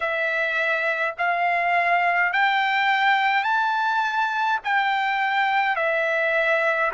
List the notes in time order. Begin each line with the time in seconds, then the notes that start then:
0.00 E5
1.17 F5
2.32 G5
3.43 A5
4.64 G5
5.76 E5